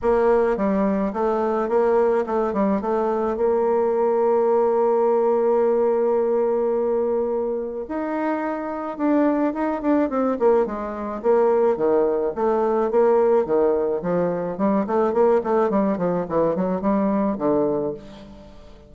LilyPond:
\new Staff \with { instrumentName = "bassoon" } { \time 4/4 \tempo 4 = 107 ais4 g4 a4 ais4 | a8 g8 a4 ais2~ | ais1~ | ais2 dis'2 |
d'4 dis'8 d'8 c'8 ais8 gis4 | ais4 dis4 a4 ais4 | dis4 f4 g8 a8 ais8 a8 | g8 f8 e8 fis8 g4 d4 | }